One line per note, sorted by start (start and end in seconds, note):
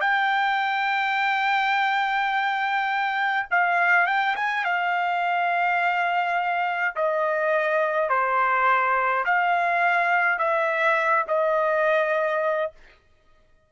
0.00 3.46 G5
3.50 4.06 F5
4.06 4.35 G5
4.35 4.64 G#5
4.64 6.95 F5
6.95 8.09 D#5
8.09 9.24 C5
9.25 10.38 F5
10.38 11.24 E5
11.27 12.71 D#5